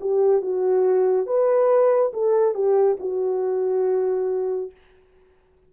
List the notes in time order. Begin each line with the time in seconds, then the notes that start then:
0.00 G4
0.42 F#4
1.26 B4
2.13 A4
2.54 G4
3.00 F#4